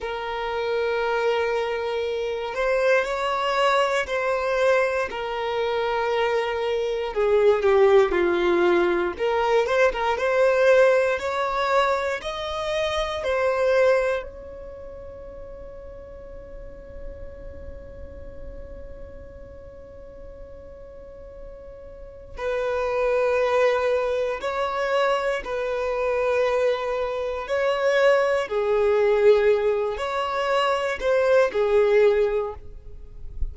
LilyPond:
\new Staff \with { instrumentName = "violin" } { \time 4/4 \tempo 4 = 59 ais'2~ ais'8 c''8 cis''4 | c''4 ais'2 gis'8 g'8 | f'4 ais'8 c''16 ais'16 c''4 cis''4 | dis''4 c''4 cis''2~ |
cis''1~ | cis''2 b'2 | cis''4 b'2 cis''4 | gis'4. cis''4 c''8 gis'4 | }